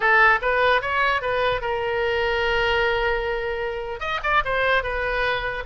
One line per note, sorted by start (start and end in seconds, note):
0.00 0.39 A4
0.41 0.81 B4
0.81 1.21 C#5
1.21 1.61 B4
1.61 4.00 A#4
4.00 4.20 D#5
4.23 4.43 D5
4.44 4.83 C5
4.83 5.63 B4